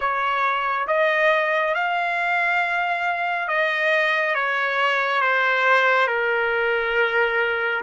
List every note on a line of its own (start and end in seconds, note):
0.00 0.87 C#5
0.87 1.74 D#5
1.74 3.48 F5
3.48 4.34 D#5
4.34 5.21 C#5
5.21 6.07 C5
6.07 7.81 A#4